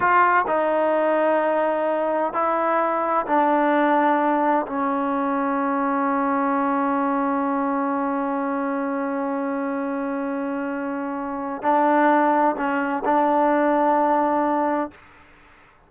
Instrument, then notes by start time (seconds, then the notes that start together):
trombone
0.00 F4
0.47 D#4
2.33 E4
3.26 D4
4.66 C#4
11.62 D4
12.56 C#4
13.05 D4